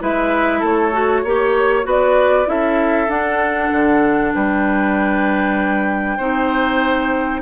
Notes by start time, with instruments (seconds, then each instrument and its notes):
0.00 bassoon G#3, clarinet E4, oboe B4, flute E5
0.60 bassoon A3, oboe A4, flute C#5
0.93 clarinet F#4
1.24 bassoon A#3, clarinet G4, oboe C#5
1.84 bassoon B3, clarinet F#4, oboe B4
1.90 flute D5
2.45 bassoon C#4, clarinet E4, oboe A4, flute E5
3.08 bassoon D4, clarinet D4, flute F#5
3.72 bassoon D3
4.35 bassoon G3, oboe B4, flute G5
6.17 bassoon C4, clarinet D#4, oboe C5